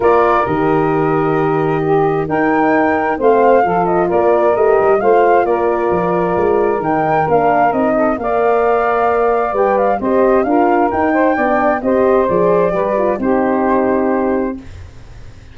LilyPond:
<<
  \new Staff \with { instrumentName = "flute" } { \time 4/4 \tempo 4 = 132 d''4 dis''2.~ | dis''4 g''2 f''4~ | f''8 dis''8 d''4 dis''4 f''4 | d''2. g''4 |
f''4 dis''4 f''2~ | f''4 g''8 f''8 dis''4 f''4 | g''2 dis''4 d''4~ | d''4 c''2. | }
  \new Staff \with { instrumentName = "saxophone" } { \time 4/4 ais'1 | g'4 ais'2 c''4 | a'4 ais'2 c''4 | ais'1~ |
ais'4. a'8 d''2~ | d''2 c''4 ais'4~ | ais'8 c''8 d''4 c''2 | b'4 g'2. | }
  \new Staff \with { instrumentName = "horn" } { \time 4/4 f'4 g'2.~ | g'4 dis'2 c'4 | f'2 g'4 f'4~ | f'2. dis'4 |
d'4 dis'4 ais'2~ | ais'4 b'4 g'4 f'4 | dis'4 d'4 g'4 gis'4 | g'8 f'8 dis'2. | }
  \new Staff \with { instrumentName = "tuba" } { \time 4/4 ais4 dis2.~ | dis4 dis'2 a4 | f4 ais4 a8 g8 a4 | ais4 f4 gis4 dis4 |
ais4 c'4 ais2~ | ais4 g4 c'4 d'4 | dis'4 b4 c'4 f4 | g4 c'2. | }
>>